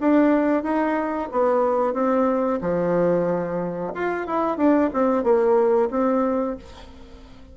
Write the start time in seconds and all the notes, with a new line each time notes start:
0.00 D4
0.63 D#4
1.31 B3
1.93 C4
2.61 F3
3.94 F4
4.26 E4
4.57 D4
4.93 C4
5.23 A#3
5.90 C4